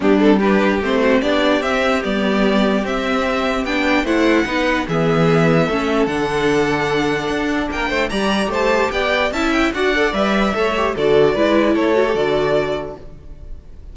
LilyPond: <<
  \new Staff \with { instrumentName = "violin" } { \time 4/4 \tempo 4 = 148 g'8 a'8 b'4 c''4 d''4 | e''4 d''2 e''4~ | e''4 g''4 fis''2 | e''2. fis''4~ |
fis''2. g''4 | ais''4 a''4 g''4 a''8 g''8 | fis''4 e''2 d''4~ | d''4 cis''4 d''2 | }
  \new Staff \with { instrumentName = "violin" } { \time 4/4 d'4 g'4. fis'8 g'4~ | g'1~ | g'2 c''4 b'4 | gis'2 a'2~ |
a'2. ais'8 c''8 | d''4 c''4 d''4 e''4 | d''2 cis''4 a'4 | b'4 a'2. | }
  \new Staff \with { instrumentName = "viola" } { \time 4/4 b8 c'8 d'4 c'4 d'4 | c'4 b2 c'4~ | c'4 d'4 e'4 dis'4 | b2 cis'4 d'4~ |
d'1 | g'2. e'4 | fis'8 a'8 b'4 a'8 g'8 fis'4 | e'4. fis'16 g'16 fis'2 | }
  \new Staff \with { instrumentName = "cello" } { \time 4/4 g2 a4 b4 | c'4 g2 c'4~ | c'4 b4 a4 b4 | e2 a4 d4~ |
d2 d'4 ais8 a8 | g4 a4 b4 cis'4 | d'4 g4 a4 d4 | gis4 a4 d2 | }
>>